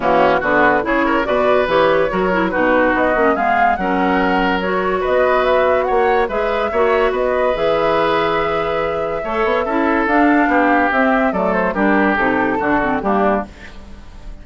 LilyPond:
<<
  \new Staff \with { instrumentName = "flute" } { \time 4/4 \tempo 4 = 143 fis'4 b'4 cis''4 d''4 | cis''2 b'4 dis''4 | f''4 fis''2 cis''4 | dis''4 e''4 fis''4 e''4~ |
e''4 dis''4 e''2~ | e''1 | f''2 e''4 d''8 c''8 | ais'4 a'2 g'4 | }
  \new Staff \with { instrumentName = "oboe" } { \time 4/4 cis'4 fis'4 gis'8 ais'8 b'4~ | b'4 ais'4 fis'2 | gis'4 ais'2. | b'2 cis''4 b'4 |
cis''4 b'2.~ | b'2 cis''4 a'4~ | a'4 g'2 a'4 | g'2 fis'4 d'4 | }
  \new Staff \with { instrumentName = "clarinet" } { \time 4/4 ais4 b4 e'4 fis'4 | g'4 fis'8 e'8 dis'4. cis'8 | b4 cis'2 fis'4~ | fis'2. gis'4 |
fis'2 gis'2~ | gis'2 a'4 e'4 | d'2 c'4 a4 | d'4 dis'4 d'8 c'8 ais4 | }
  \new Staff \with { instrumentName = "bassoon" } { \time 4/4 e4 d4 cis4 b,4 | e4 fis4 b,4 b8 ais8 | gis4 fis2. | b2 ais4 gis4 |
ais4 b4 e2~ | e2 a8 b8 cis'4 | d'4 b4 c'4 fis4 | g4 c4 d4 g4 | }
>>